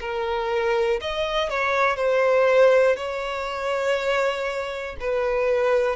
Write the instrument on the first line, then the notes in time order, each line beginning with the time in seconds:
violin
0.00 A#4
1.01 D#5
1.49 C#5
1.96 C5
2.96 C#5
5.00 B4